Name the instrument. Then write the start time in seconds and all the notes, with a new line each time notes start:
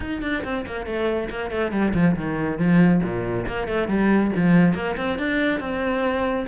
cello
0.00 D#4
0.22 D4
0.44 C4
0.66 A#3
0.86 A3
1.29 A#3
1.50 A3
1.71 G3
1.94 F3
2.16 D#3
2.58 F3
3.03 A#2
3.47 A#3
3.67 A3
3.88 G3
4.36 F3
4.74 A#3
4.97 C4
5.18 D4
5.60 C4